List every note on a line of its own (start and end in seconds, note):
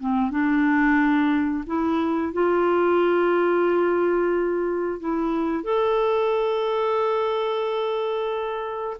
0.00 0.31 C4
0.31 1.64 D4
1.66 2.33 E4
2.33 4.99 F4
4.99 5.63 E4
5.63 8.97 A4